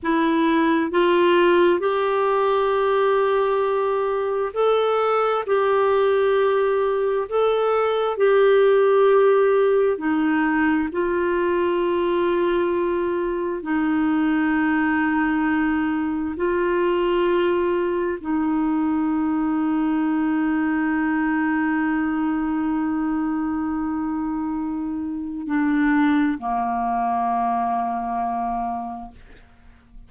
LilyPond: \new Staff \with { instrumentName = "clarinet" } { \time 4/4 \tempo 4 = 66 e'4 f'4 g'2~ | g'4 a'4 g'2 | a'4 g'2 dis'4 | f'2. dis'4~ |
dis'2 f'2 | dis'1~ | dis'1 | d'4 ais2. | }